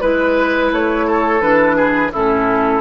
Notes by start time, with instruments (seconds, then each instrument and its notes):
0.00 bassoon G#3, clarinet E4, flute B4, oboe B4
0.71 bassoon A3, flute C#5
1.06 oboe A4
1.40 bassoon E3, clarinet D4, flute B4
1.76 oboe G#4
2.12 bassoon A2, clarinet C#4, oboe E4, flute A4